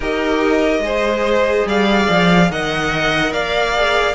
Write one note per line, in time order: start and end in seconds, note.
0.00 0.79 D#4
0.00 0.84 G4
0.00 0.82 A#4
0.00 1.68 D#5
0.79 1.62 G#3
0.79 2.50 G#4
0.79 1.67 C5
1.66 2.07 G3
1.66 2.51 D5
1.66 2.51 F5
2.09 2.49 F3
2.49 3.32 D#3
2.49 3.75 A#4
2.49 3.32 D#5
2.49 3.32 F#5
3.32 4.15 A#3
3.32 4.15 D5
3.32 4.15 F5
3.76 4.15 G#4